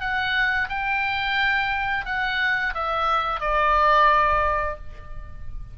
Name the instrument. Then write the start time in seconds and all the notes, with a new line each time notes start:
oboe
0.00 F#5
0.69 G5
2.05 F#5
2.74 E5
3.40 D5